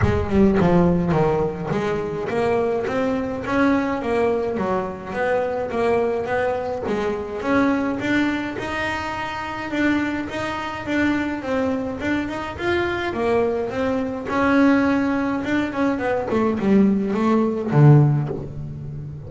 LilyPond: \new Staff \with { instrumentName = "double bass" } { \time 4/4 \tempo 4 = 105 gis8 g8 f4 dis4 gis4 | ais4 c'4 cis'4 ais4 | fis4 b4 ais4 b4 | gis4 cis'4 d'4 dis'4~ |
dis'4 d'4 dis'4 d'4 | c'4 d'8 dis'8 f'4 ais4 | c'4 cis'2 d'8 cis'8 | b8 a8 g4 a4 d4 | }